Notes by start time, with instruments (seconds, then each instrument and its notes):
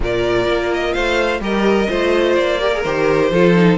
0.00 cello A#2, viola F4, violin A#4 D5
0.47 cello A#3
0.73 violin D#5
0.93 cello A3, violin C5 F5
1.40 cello G3, viola G4, violin A#4 D#5
1.87 cello A3, viola F4, violin C5
2.35 cello A#3, violin D5
2.60 viola G4, violin A#4
2.73 viola G#4
2.83 cello D#3, viola G4, violin C5
3.31 cello F3, viola F4, violin A4
3.55 viola D#4